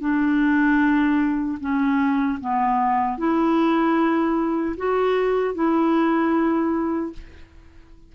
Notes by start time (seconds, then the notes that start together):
0.00 D4
1.60 C#4
2.40 B3
3.18 E4
4.77 F#4
5.54 E4